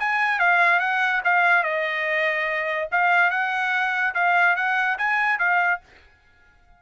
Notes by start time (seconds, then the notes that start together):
0.00 G#5
0.40 F5
0.80 F#5
1.25 F5
1.64 D#5
2.92 F5
3.31 F#5
4.15 F5
4.56 F#5
4.99 G#5
5.39 F5